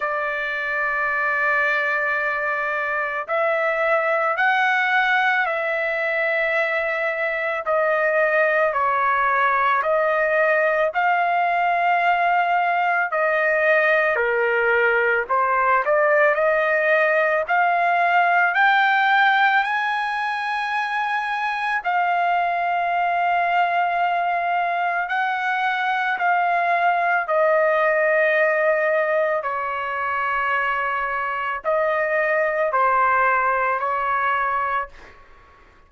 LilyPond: \new Staff \with { instrumentName = "trumpet" } { \time 4/4 \tempo 4 = 55 d''2. e''4 | fis''4 e''2 dis''4 | cis''4 dis''4 f''2 | dis''4 ais'4 c''8 d''8 dis''4 |
f''4 g''4 gis''2 | f''2. fis''4 | f''4 dis''2 cis''4~ | cis''4 dis''4 c''4 cis''4 | }